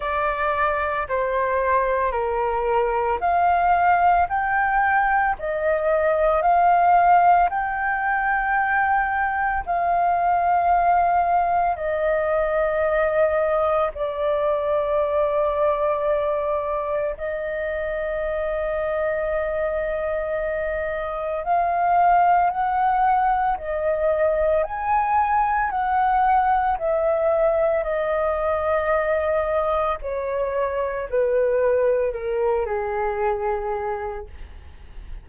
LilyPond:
\new Staff \with { instrumentName = "flute" } { \time 4/4 \tempo 4 = 56 d''4 c''4 ais'4 f''4 | g''4 dis''4 f''4 g''4~ | g''4 f''2 dis''4~ | dis''4 d''2. |
dis''1 | f''4 fis''4 dis''4 gis''4 | fis''4 e''4 dis''2 | cis''4 b'4 ais'8 gis'4. | }